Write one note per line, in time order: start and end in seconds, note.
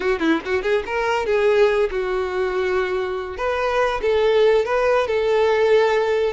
0.00 0.19 F#4
0.19 0.40 E4
0.45 0.62 F#4
0.62 0.83 G#4
0.86 1.26 A#4
1.26 1.89 G#4
1.90 3.37 F#4
3.37 4.00 B4
4.01 4.65 A4
4.65 5.07 B4
5.07 6.33 A4